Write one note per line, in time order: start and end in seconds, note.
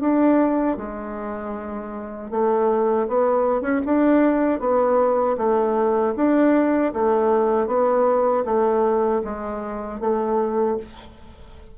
0.00 0.77 D4
0.77 2.30 G#3
2.30 3.07 A3
3.07 3.61 B3
3.61 3.80 C#4
3.85 4.59 D4
4.59 5.36 B3
5.37 6.14 A3
6.16 6.93 D4
6.93 7.67 A3
7.67 8.44 B3
8.44 9.21 A3
9.24 10.00 G#3
10.00 10.77 A3